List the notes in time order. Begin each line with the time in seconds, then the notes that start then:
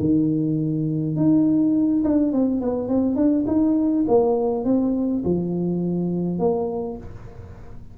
0.00 D#3
1.16 D#4
2.04 D4
2.33 C4
2.61 B3
2.88 C4
3.16 D4
3.47 D#4
4.08 A#3
4.65 C4
5.25 F3
6.39 A#3